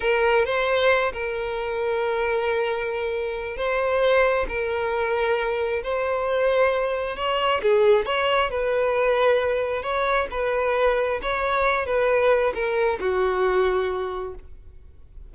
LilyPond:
\new Staff \with { instrumentName = "violin" } { \time 4/4 \tempo 4 = 134 ais'4 c''4. ais'4.~ | ais'1 | c''2 ais'2~ | ais'4 c''2. |
cis''4 gis'4 cis''4 b'4~ | b'2 cis''4 b'4~ | b'4 cis''4. b'4. | ais'4 fis'2. | }